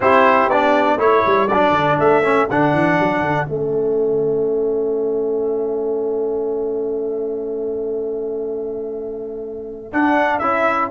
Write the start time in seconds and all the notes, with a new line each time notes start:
0.00 C4 E4 G4 C5
0.47 B3 D4 D5
0.96 A3 E4 A4 C#5
1.26 G3
1.48 F#3 D4 D5
1.70 D3
1.99 A3 E5
2.23 C#4
2.49 D3 D4 F#5
2.73 E3
2.99 F#3
3.20 D3
3.46 A3 C#4 E5
9.92 D4 F#5
10.39 C#4 E4 E5